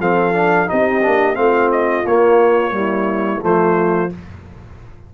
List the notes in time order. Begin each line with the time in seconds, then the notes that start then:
0.00 F3 C4 A4 F5
0.33 D4
0.67 C4 D#4 G4 D#5
1.02 A#3 D4
1.35 A3 C4 F4 F5
1.72 D#5
2.05 A#3 C#5
2.71 G3 E4
3.41 F3 A3 F4 C5